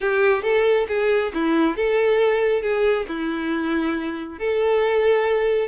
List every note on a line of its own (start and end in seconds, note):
0.00 0.43 G4
0.43 0.86 A4
0.88 1.32 G#4
1.34 1.76 E4
1.76 2.62 A4
2.62 3.06 G#4
3.08 4.38 E4
4.38 5.68 A4